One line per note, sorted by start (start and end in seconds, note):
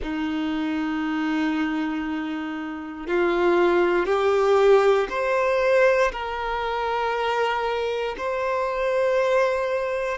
0.02 3.07 D#4
3.07 4.05 F4
4.05 5.07 G4
5.09 6.11 C5
6.12 8.15 A#4
8.17 10.18 C5